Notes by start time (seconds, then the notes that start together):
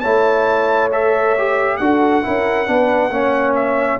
0.00 A3 E4 C#5 A5
0.92 A4 E5
1.37 G4
1.77 D4 F#4 A4 F#5
2.23 C#4 E4 A#4
2.66 B3 D4 B4
3.09 A#3 C#4 C#5
3.55 E5